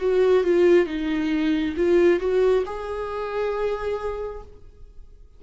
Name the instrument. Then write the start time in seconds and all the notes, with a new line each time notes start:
viola
0.00 F#4
0.44 F4
0.87 D#4
1.77 F4
2.20 F#4
2.66 G#4